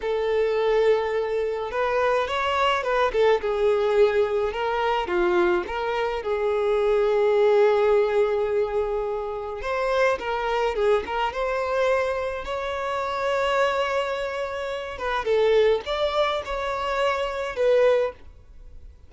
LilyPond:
\new Staff \with { instrumentName = "violin" } { \time 4/4 \tempo 4 = 106 a'2. b'4 | cis''4 b'8 a'8 gis'2 | ais'4 f'4 ais'4 gis'4~ | gis'1~ |
gis'4 c''4 ais'4 gis'8 ais'8 | c''2 cis''2~ | cis''2~ cis''8 b'8 a'4 | d''4 cis''2 b'4 | }